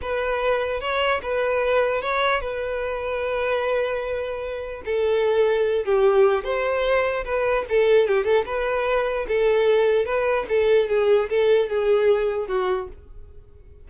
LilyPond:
\new Staff \with { instrumentName = "violin" } { \time 4/4 \tempo 4 = 149 b'2 cis''4 b'4~ | b'4 cis''4 b'2~ | b'1 | a'2~ a'8 g'4. |
c''2 b'4 a'4 | g'8 a'8 b'2 a'4~ | a'4 b'4 a'4 gis'4 | a'4 gis'2 fis'4 | }